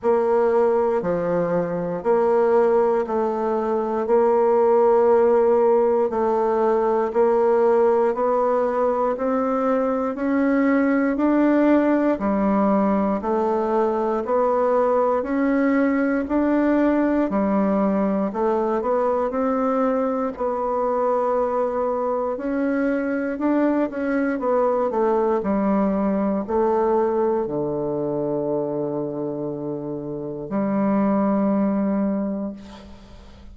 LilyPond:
\new Staff \with { instrumentName = "bassoon" } { \time 4/4 \tempo 4 = 59 ais4 f4 ais4 a4 | ais2 a4 ais4 | b4 c'4 cis'4 d'4 | g4 a4 b4 cis'4 |
d'4 g4 a8 b8 c'4 | b2 cis'4 d'8 cis'8 | b8 a8 g4 a4 d4~ | d2 g2 | }